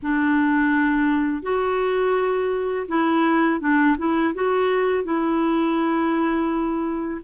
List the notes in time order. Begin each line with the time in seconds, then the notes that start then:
0.02 D4
1.42 F#4
2.88 E4
3.60 D4
3.98 E4
4.34 F#4
5.04 E4